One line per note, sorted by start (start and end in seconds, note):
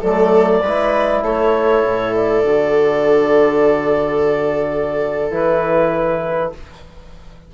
0.00 0.62 F#3
0.00 0.63 A3
0.00 0.61 A4
0.00 1.23 D5
0.61 1.21 G#3
0.61 2.44 E4
0.61 1.22 B4
1.21 1.82 A3
1.21 6.54 A4
1.21 2.14 C#5
1.84 2.43 A2
2.15 5.31 D5
2.43 5.31 D3
2.43 5.30 F#4
5.30 6.53 E3
5.30 6.52 E4
5.30 6.52 B4